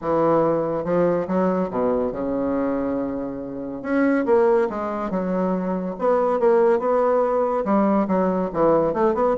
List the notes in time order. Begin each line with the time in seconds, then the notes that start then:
0.01 E3
0.84 F3
1.27 F#3
1.70 B2
2.12 C#3
3.82 C#4
4.25 A#3
4.69 G#3
5.10 F#3
5.98 B3
6.39 A#3
6.79 B3
7.64 G3
8.07 F#3
8.53 E3
8.93 A3
9.14 B3